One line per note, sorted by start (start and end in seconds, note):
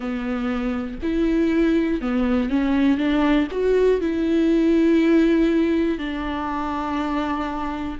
0.00 0.99 B3
1.02 2.00 E4
2.00 2.49 B3
2.49 2.97 C#4
2.97 3.47 D4
3.50 4.00 F#4
4.00 5.98 E4
5.98 7.98 D4